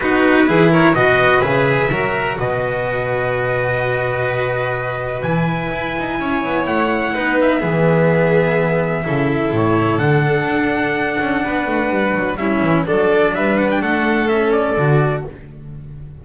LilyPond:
<<
  \new Staff \with { instrumentName = "trumpet" } { \time 4/4 \tempo 4 = 126 b'4. cis''8 dis''4 e''4~ | e''4 dis''2.~ | dis''2. gis''4~ | gis''2 fis''4. e''8~ |
e''1 | cis''4 fis''2.~ | fis''2 e''4 d''4 | e''8 fis''16 g''16 fis''4 e''8 d''4. | }
  \new Staff \with { instrumentName = "violin" } { \time 4/4 fis'4 gis'8 ais'8 b'2 | ais'4 b'2.~ | b'1~ | b'4 cis''2 b'4 |
gis'2. a'4~ | a'1 | b'2 e'4 a'4 | b'4 a'2. | }
  \new Staff \with { instrumentName = "cello" } { \time 4/4 dis'4 e'4 fis'4 gis'4 | fis'1~ | fis'2. e'4~ | e'2. dis'4 |
b2. e'4~ | e'4 d'2.~ | d'2 cis'4 d'4~ | d'2 cis'4 fis'4 | }
  \new Staff \with { instrumentName = "double bass" } { \time 4/4 b4 e4 b,4 cis4 | fis4 b,2.~ | b,2. e4 | e'8 dis'8 cis'8 b8 a4 b4 |
e2. cis4 | a,4 d4 d'4. cis'8 | b8 a8 g8 fis8 g8 e8 fis4 | g4 a2 d4 | }
>>